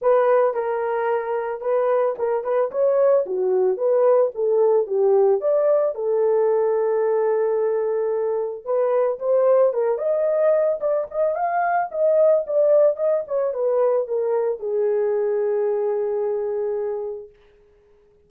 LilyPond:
\new Staff \with { instrumentName = "horn" } { \time 4/4 \tempo 4 = 111 b'4 ais'2 b'4 | ais'8 b'8 cis''4 fis'4 b'4 | a'4 g'4 d''4 a'4~ | a'1 |
b'4 c''4 ais'8 dis''4. | d''8 dis''8 f''4 dis''4 d''4 | dis''8 cis''8 b'4 ais'4 gis'4~ | gis'1 | }